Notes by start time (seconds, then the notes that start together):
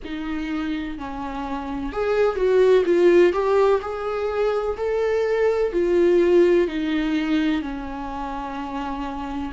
0.04 D#4
0.98 C#4
1.92 G#4
2.35 F#4
2.85 F4
3.32 G4
3.81 G#4
4.77 A4
5.72 F4
6.67 D#4
7.61 C#4